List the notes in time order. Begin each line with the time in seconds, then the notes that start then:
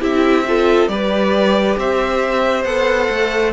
0.00 C4 E4 G4 E5
0.47 F4 A4
0.88 G3 G4 B4 D5
1.77 C4 C5 E5
2.64 B3 A4 F#5
3.10 A3